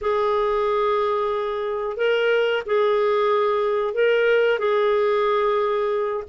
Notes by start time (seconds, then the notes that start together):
0.01 G#4
1.96 A#4
2.66 G#4
3.94 A#4
4.59 G#4